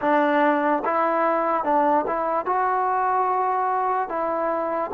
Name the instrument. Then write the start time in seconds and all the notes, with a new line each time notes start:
trombone
0.01 D4
0.84 E4
1.64 D4
2.06 E4
2.45 F#4
4.08 E4